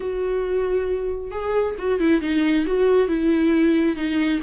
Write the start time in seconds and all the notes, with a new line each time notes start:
0.00 F#4
1.31 G#4
1.78 F#4
1.99 E4
2.21 D#4
2.66 F#4
3.08 E4
3.96 D#4